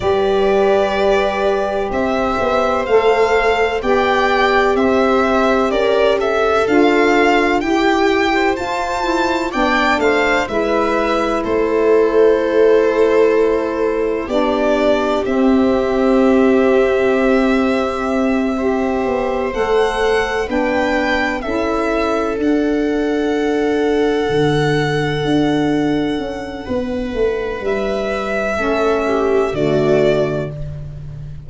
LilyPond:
<<
  \new Staff \with { instrumentName = "violin" } { \time 4/4 \tempo 4 = 63 d''2 e''4 f''4 | g''4 e''4 d''8 e''8 f''4 | g''4 a''4 g''8 f''8 e''4 | c''2. d''4 |
e''1~ | e''8 fis''4 g''4 e''4 fis''8~ | fis''1~ | fis''4 e''2 d''4 | }
  \new Staff \with { instrumentName = "viola" } { \time 4/4 b'2 c''2 | d''4 c''4 ais'8 a'4. | g'8. c''4~ c''16 d''8 c''8 b'4 | a'2. g'4~ |
g'2.~ g'8 c''8~ | c''4. b'4 a'4.~ | a'1 | b'2 a'8 g'8 fis'4 | }
  \new Staff \with { instrumentName = "saxophone" } { \time 4/4 g'2. a'4 | g'2. f'4 | g'4 f'8 e'8 d'4 e'4~ | e'2. d'4 |
c'2.~ c'8 g'8~ | g'8 a'4 d'4 e'4 d'8~ | d'1~ | d'2 cis'4 a4 | }
  \new Staff \with { instrumentName = "tuba" } { \time 4/4 g2 c'8 b8 a4 | b4 c'4 cis'4 d'4 | e'4 f'4 b8 a8 gis4 | a2. b4 |
c'1 | b8 a4 b4 cis'4 d'8~ | d'4. d4 d'4 cis'8 | b8 a8 g4 a4 d4 | }
>>